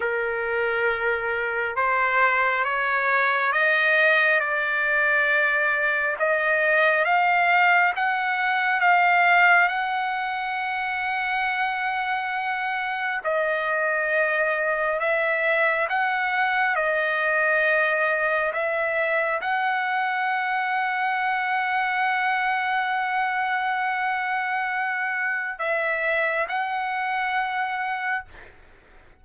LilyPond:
\new Staff \with { instrumentName = "trumpet" } { \time 4/4 \tempo 4 = 68 ais'2 c''4 cis''4 | dis''4 d''2 dis''4 | f''4 fis''4 f''4 fis''4~ | fis''2. dis''4~ |
dis''4 e''4 fis''4 dis''4~ | dis''4 e''4 fis''2~ | fis''1~ | fis''4 e''4 fis''2 | }